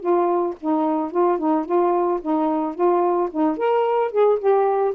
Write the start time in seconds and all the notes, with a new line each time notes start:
0.00 F4
0.60 D#4
1.12 F4
1.39 D#4
1.66 F4
2.21 D#4
2.75 F4
3.31 D#4
3.58 A#4
4.12 G#4
4.39 G4